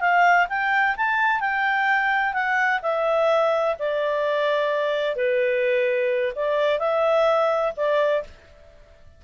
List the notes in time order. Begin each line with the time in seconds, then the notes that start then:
0.00 F5
0.49 G5
0.97 A5
1.40 G5
2.33 F#5
2.82 E5
3.79 D5
5.16 B4
6.35 D5
6.79 E5
7.77 D5